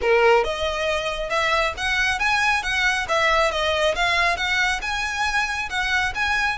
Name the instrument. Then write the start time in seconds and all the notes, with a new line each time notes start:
violin
0.01 A#4
0.44 D#5
1.29 E5
1.77 F#5
2.19 G#5
2.62 F#5
3.08 E5
3.51 D#5
3.95 F5
4.36 F#5
4.81 G#5
5.69 F#5
6.14 G#5